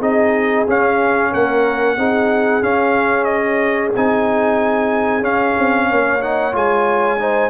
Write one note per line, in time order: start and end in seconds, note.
0.00 0.65 C4
0.00 0.67 D#4
0.00 1.30 G#4
0.00 0.67 D#5
0.68 1.98 C#4
0.68 1.33 C#4
0.68 1.33 F5
1.32 1.97 A#3
1.32 1.97 A#4
1.32 2.63 F#5
1.97 2.62 C4
1.97 2.62 D#4
1.97 5.89 G#4
2.62 3.93 C#4
2.62 3.94 C#4
2.62 3.24 F5
3.24 3.90 D#5
3.96 5.21 C4
3.96 5.22 D#4
3.96 5.24 G#5
5.21 5.53 C#4
5.21 6.20 C#4
5.21 6.22 F5
5.58 5.91 C4
5.89 6.54 A#3
5.89 7.20 C#5
6.20 6.52 D#4
6.20 6.54 F#5
6.52 7.50 G#3
6.52 7.17 F4
6.52 7.50 G#5
7.18 7.50 D#4
7.18 7.50 C5